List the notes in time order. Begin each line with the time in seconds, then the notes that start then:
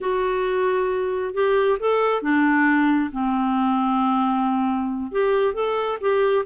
0.00 F#4
1.34 G4
1.79 A4
2.21 D4
3.12 C4
5.11 G4
5.54 A4
6.00 G4